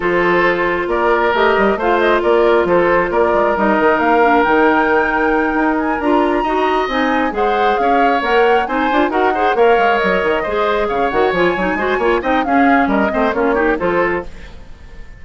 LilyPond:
<<
  \new Staff \with { instrumentName = "flute" } { \time 4/4 \tempo 4 = 135 c''2 d''4 dis''4 | f''8 dis''8 d''4 c''4 d''4 | dis''4 f''4 g''2~ | g''4 gis''8 ais''2 gis''8~ |
gis''8 fis''4 f''4 fis''4 gis''8~ | gis''8 fis''4 f''4 dis''4.~ | dis''8 f''8 fis''8 gis''2 g''8 | f''4 dis''4 cis''4 c''4 | }
  \new Staff \with { instrumentName = "oboe" } { \time 4/4 a'2 ais'2 | c''4 ais'4 a'4 ais'4~ | ais'1~ | ais'2~ ais'8 dis''4.~ |
dis''8 c''4 cis''2 c''8~ | c''8 ais'8 c''8 cis''2 c''8~ | c''8 cis''2 c''8 cis''8 dis''8 | gis'4 ais'8 c''8 f'8 g'8 a'4 | }
  \new Staff \with { instrumentName = "clarinet" } { \time 4/4 f'2. g'4 | f'1 | dis'4. d'8 dis'2~ | dis'4. f'4 fis'4 dis'8~ |
dis'8 gis'2 ais'4 dis'8 | f'8 fis'8 gis'8 ais'2 gis'8~ | gis'4 fis'8 f'8 dis'8 fis'8 f'8 dis'8 | cis'4. c'8 cis'8 dis'8 f'4 | }
  \new Staff \with { instrumentName = "bassoon" } { \time 4/4 f2 ais4 a8 g8 | a4 ais4 f4 ais8 gis8 | g8 dis8 ais4 dis2~ | dis8 dis'4 d'4 dis'4 c'8~ |
c'8 gis4 cis'4 ais4 c'8 | d'8 dis'4 ais8 gis8 fis8 dis8 gis8~ | gis8 cis8 dis8 f8 fis8 gis8 ais8 c'8 | cis'4 g8 a8 ais4 f4 | }
>>